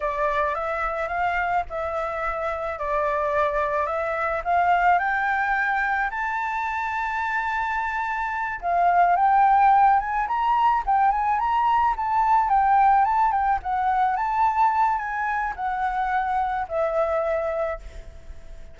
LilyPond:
\new Staff \with { instrumentName = "flute" } { \time 4/4 \tempo 4 = 108 d''4 e''4 f''4 e''4~ | e''4 d''2 e''4 | f''4 g''2 a''4~ | a''2.~ a''8 f''8~ |
f''8 g''4. gis''8 ais''4 g''8 | gis''8 ais''4 a''4 g''4 a''8 | g''8 fis''4 a''4. gis''4 | fis''2 e''2 | }